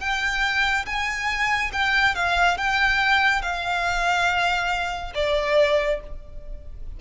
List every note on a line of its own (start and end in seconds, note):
0.00 0.86 G5
0.86 1.71 G#5
1.73 2.15 G5
2.15 2.58 F5
2.58 3.42 G5
3.42 5.13 F5
5.15 6.00 D5